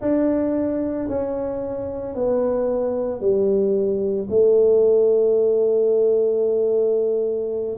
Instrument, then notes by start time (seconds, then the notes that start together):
tuba
0.00 D4
1.08 C#4
2.14 B3
3.20 G3
4.29 A3